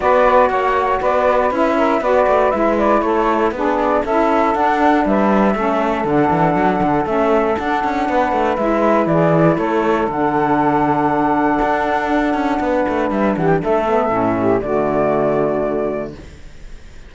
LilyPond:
<<
  \new Staff \with { instrumentName = "flute" } { \time 4/4 \tempo 4 = 119 d''4 fis''4 d''4 e''4 | d''4 e''8 d''8 cis''4 b'8 d''8 | e''4 fis''4 e''2 | fis''2 e''4 fis''4~ |
fis''4 e''4 d''4 cis''4 | fis''1~ | fis''2 e''8 fis''16 g''16 e''4~ | e''4 d''2. | }
  \new Staff \with { instrumentName = "saxophone" } { \time 4/4 b'4 cis''4 b'4. ais'8 | b'2 a'4 gis'4 | a'2 b'4 a'4~ | a'1 |
b'2 gis'4 a'4~ | a'1~ | a'4 b'4. g'8 a'4~ | a'8 g'8 fis'2. | }
  \new Staff \with { instrumentName = "saxophone" } { \time 4/4 fis'2. e'4 | fis'4 e'2 d'4 | e'4 d'2 cis'4 | d'2 cis'4 d'4~ |
d'4 e'2. | d'1~ | d'2.~ d'8 b8 | cis'4 a2. | }
  \new Staff \with { instrumentName = "cello" } { \time 4/4 b4 ais4 b4 cis'4 | b8 a8 gis4 a4 b4 | cis'4 d'4 g4 a4 | d8 e8 fis8 d8 a4 d'8 cis'8 |
b8 a8 gis4 e4 a4 | d2. d'4~ | d'8 cis'8 b8 a8 g8 e8 a4 | a,4 d2. | }
>>